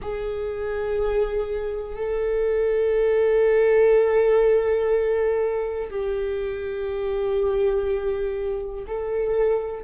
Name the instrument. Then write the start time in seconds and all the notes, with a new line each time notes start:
viola
0.01 G#4
1.96 A4
5.90 G4
8.87 A4